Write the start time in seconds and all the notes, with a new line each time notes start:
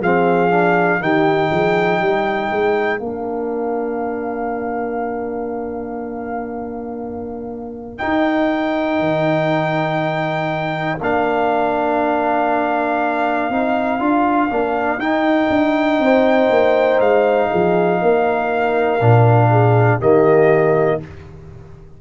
0.00 F3 C4 G#4 F5
0.50 D4
1.00 D#3 D#4 G4 G5
1.51 F3 G#4
2.00 G3 A#4
2.51 G#3
3.00 A#3 D4 F5
7.98 D#4 G5
9.00 D#3
11.01 A#3 D4 F5
13.50 C4 D#4
13.99 D4 F4
14.50 A#3 D4
14.98 D#4 G5
15.50 D4
15.99 C4 C5
16.50 A#3
17.00 G#3 F5
17.51 F3 G#4
18.02 A#3 A#4
19.01 A#2 D4
19.50 G#4
19.99 D#3 A#3 G4 D#5